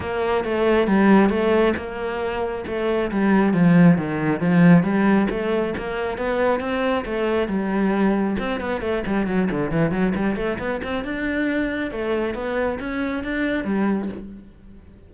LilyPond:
\new Staff \with { instrumentName = "cello" } { \time 4/4 \tempo 4 = 136 ais4 a4 g4 a4 | ais2 a4 g4 | f4 dis4 f4 g4 | a4 ais4 b4 c'4 |
a4 g2 c'8 b8 | a8 g8 fis8 d8 e8 fis8 g8 a8 | b8 c'8 d'2 a4 | b4 cis'4 d'4 g4 | }